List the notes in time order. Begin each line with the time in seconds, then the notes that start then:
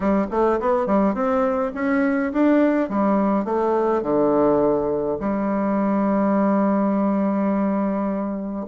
0.00 G3
0.30 A3
0.60 B3
0.86 G3
1.14 C4
1.74 C#4
2.32 D4
2.89 G3
3.45 A3
4.02 D3
5.19 G3